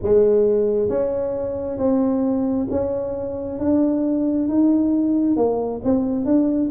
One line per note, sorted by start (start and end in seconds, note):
0.02 0.89 G#3
0.89 1.77 C#4
1.77 2.67 C4
2.70 3.59 C#4
3.59 4.48 D4
4.48 5.36 D#4
5.36 5.81 A#3
5.84 6.25 C4
6.25 6.70 D4